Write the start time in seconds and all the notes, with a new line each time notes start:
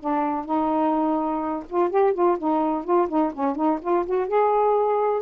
0.00 D4
0.45 D#4
1.69 F4
1.90 G4
2.14 F4
2.39 D#4
2.84 F4
3.09 D#4
3.34 C#4
3.56 D#4
3.82 F4
4.06 F#4
4.28 G#4